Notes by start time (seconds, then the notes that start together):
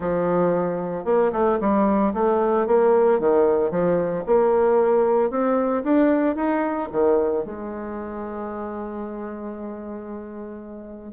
0.00 F3
1.05 A#3
1.32 A3
1.60 G3
2.13 A3
2.66 A#3
3.19 D#3
3.70 F3
4.26 A#3
5.30 C4
5.83 D4
6.35 D#4
6.91 D#3
7.44 G#3